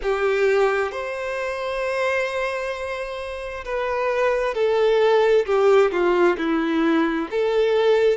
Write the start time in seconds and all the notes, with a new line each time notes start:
0.02 G4
0.91 C5
3.64 B4
4.54 A4
5.45 G4
5.91 F4
6.37 E4
7.31 A4